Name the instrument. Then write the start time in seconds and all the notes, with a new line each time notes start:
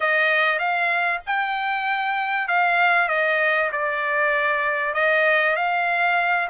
trumpet
0.00 D#5
0.58 F5
1.26 G5
2.47 F5
3.08 D#5
3.72 D5
4.93 D#5
5.56 F5